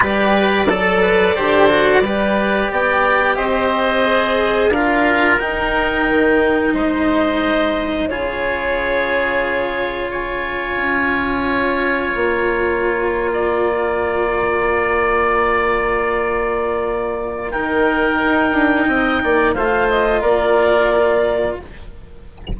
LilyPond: <<
  \new Staff \with { instrumentName = "clarinet" } { \time 4/4 \tempo 4 = 89 d''1 | g''4 dis''2 f''4 | g''2 dis''2 | cis''2. gis''4~ |
gis''2 ais''2~ | ais''1~ | ais''2 g''2~ | g''4 f''8 dis''8 d''2 | }
  \new Staff \with { instrumentName = "oboe" } { \time 4/4 b'4 a'8 b'8 c''4 b'4 | d''4 c''2 ais'4~ | ais'2 c''2 | gis'2. cis''4~ |
cis''2.~ cis''8. d''16~ | d''1~ | d''2 ais'2 | dis''8 d''8 c''4 ais'2 | }
  \new Staff \with { instrumentName = "cello" } { \time 4/4 g'4 a'4 g'8 fis'8 g'4~ | g'2 gis'4 f'4 | dis'1 | f'1~ |
f'1~ | f'1~ | f'2 dis'2~ | dis'4 f'2. | }
  \new Staff \with { instrumentName = "bassoon" } { \time 4/4 g4 fis4 d4 g4 | b4 c'2 d'4 | dis'4 dis4 gis2 | cis1 |
cis'2 ais2~ | ais1~ | ais2 dis4 dis'8 d'8 | c'8 ais8 a4 ais2 | }
>>